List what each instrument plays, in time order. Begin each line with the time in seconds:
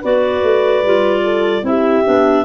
0.00 tuba B3, clarinet F#4 D5, horn B4
0.42 tuba A3
0.83 tuba G3, clarinet F4
1.23 horn A4
1.62 tuba C4, clarinet E4 E5, horn G4
2.04 tuba B3, clarinet D4